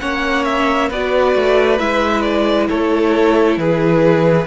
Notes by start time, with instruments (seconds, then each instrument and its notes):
0.00 cello A#3, viola C#4, violin C#5 F#5
0.45 violin E5
0.89 cello B3, viola F#4, violin B4 D5
1.36 cello A3
1.79 cello G#3, viola E4, violin E5
2.22 violin D5
2.70 cello A3, violin A4 C#5
3.58 cello E3, violin G#4 B4